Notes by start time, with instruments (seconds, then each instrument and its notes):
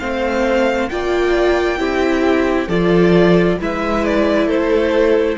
0.00 cello A3, viola C4, violin C5 F5
0.89 cello A#3, viola F4, violin D5 G5
1.78 cello C4, viola E4, violin G4
2.68 cello F3, viola F4, violin A4 D5
3.60 cello G#3, viola E4, violin B4 E5
4.05 violin D5
4.47 cello A3, violin A4 C5